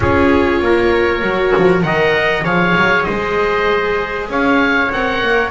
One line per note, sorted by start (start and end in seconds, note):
0.00 0.60 C#4
0.00 1.22 F4
0.00 0.62 G#4
0.00 1.82 C#5
0.60 1.22 A#3
0.60 1.85 A#4
1.22 1.52 F#3
1.22 1.81 F#4
1.57 1.83 F3
1.81 2.44 D#3
1.81 2.42 A#4
1.81 2.44 D#5
1.81 2.43 F#5
2.44 2.75 F3
2.44 4.90 G#4
2.44 3.05 C#5
2.44 3.03 F5
2.76 3.07 F#3
3.03 4.28 G#3
3.03 4.28 C5
3.03 4.26 D#5
4.28 4.90 C#4
4.28 5.50 C#5
4.28 4.92 F5
4.91 5.22 C4
4.91 5.50 A#4
4.91 5.50 F#5
5.22 5.50 A#3